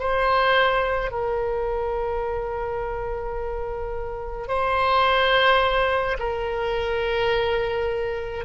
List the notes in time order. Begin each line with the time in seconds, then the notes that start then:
0.00 C5
1.11 A#4
4.48 C5
6.20 A#4